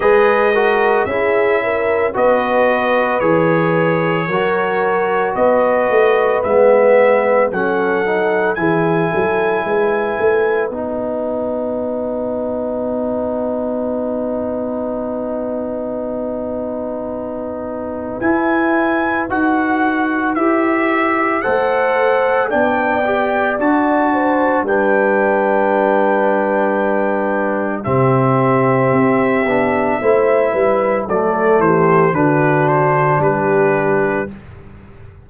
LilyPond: <<
  \new Staff \with { instrumentName = "trumpet" } { \time 4/4 \tempo 4 = 56 dis''4 e''4 dis''4 cis''4~ | cis''4 dis''4 e''4 fis''4 | gis''2 fis''2~ | fis''1~ |
fis''4 gis''4 fis''4 e''4 | fis''4 g''4 a''4 g''4~ | g''2 e''2~ | e''4 d''8 c''8 b'8 c''8 b'4 | }
  \new Staff \with { instrumentName = "horn" } { \time 4/4 b'8 ais'8 gis'8 ais'8 b'2 | ais'4 b'2 a'4 | gis'8 a'8 b'2.~ | b'1~ |
b'1 | c''4 d''4. c''8 b'4~ | b'2 g'2 | c''8 b'8 a'8 g'8 fis'4 g'4 | }
  \new Staff \with { instrumentName = "trombone" } { \time 4/4 gis'8 fis'8 e'4 fis'4 gis'4 | fis'2 b4 cis'8 dis'8 | e'2 dis'2~ | dis'1~ |
dis'4 e'4 fis'4 g'4 | a'4 d'8 g'8 fis'4 d'4~ | d'2 c'4. d'8 | e'4 a4 d'2 | }
  \new Staff \with { instrumentName = "tuba" } { \time 4/4 gis4 cis'4 b4 e4 | fis4 b8 a8 gis4 fis4 | e8 fis8 gis8 a8 b2~ | b1~ |
b4 e'4 dis'4 e'4 | a4 b4 d'4 g4~ | g2 c4 c'8 b8 | a8 g8 fis8 e8 d4 g4 | }
>>